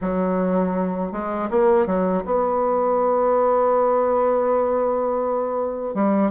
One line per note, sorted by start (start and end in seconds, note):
0.01 1.12 F#3
1.12 1.49 G#3
1.50 1.86 A#3
1.86 2.23 F#3
2.25 5.94 B3
5.94 6.31 G3